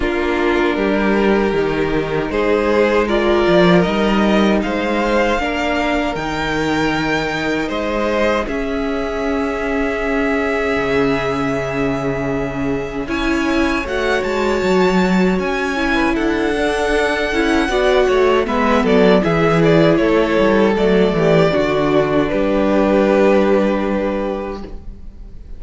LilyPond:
<<
  \new Staff \with { instrumentName = "violin" } { \time 4/4 \tempo 4 = 78 ais'2. c''4 | d''4 dis''4 f''2 | g''2 dis''4 e''4~ | e''1~ |
e''4 gis''4 fis''8 a''4. | gis''4 fis''2. | e''8 d''8 e''8 d''8 cis''4 d''4~ | d''4 b'2. | }
  \new Staff \with { instrumentName = "violin" } { \time 4/4 f'4 g'2 gis'4 | ais'2 c''4 ais'4~ | ais'2 c''4 gis'4~ | gis'1~ |
gis'4 cis''2.~ | cis''8. b'16 a'2 d''8 cis''8 | b'8 a'8 gis'4 a'4. g'8 | fis'4 g'2. | }
  \new Staff \with { instrumentName = "viola" } { \time 4/4 d'2 dis'2 | f'4 dis'2 d'4 | dis'2. cis'4~ | cis'1~ |
cis'4 e'4 fis'2~ | fis'8 e'4 d'4 e'8 fis'4 | b4 e'2 a4 | d'1 | }
  \new Staff \with { instrumentName = "cello" } { \time 4/4 ais4 g4 dis4 gis4~ | gis8 f8 g4 gis4 ais4 | dis2 gis4 cis'4~ | cis'2 cis2~ |
cis4 cis'4 a8 gis8 fis4 | cis'4 d'4. cis'8 b8 a8 | gis8 fis8 e4 a8 g8 fis8 e8 | d4 g2. | }
>>